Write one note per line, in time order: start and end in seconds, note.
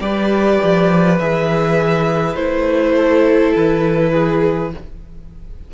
0.00 0.59 G3
0.00 1.18 G4
0.00 2.95 B4
0.00 1.18 D5
0.63 1.20 F3
1.18 2.35 E3
1.18 2.36 G#4
1.18 2.35 E5
2.35 3.52 A3
2.35 4.71 E4
2.35 3.53 C5
2.95 4.12 A4
3.56 4.73 E3
3.56 4.73 B4
4.12 4.71 G#4